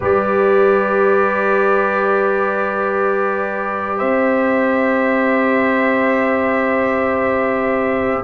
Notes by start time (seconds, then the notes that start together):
0.00 G3 G4 B4 D5
3.97 C4 C5 E5